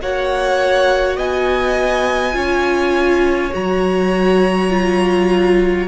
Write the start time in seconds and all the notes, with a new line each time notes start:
0.00 A#3 F#4 C#5 F#5
1.16 B3 D#5 G#5
2.32 C#4 F4 C#5
3.52 F#3 F#4 A#5
4.70 F4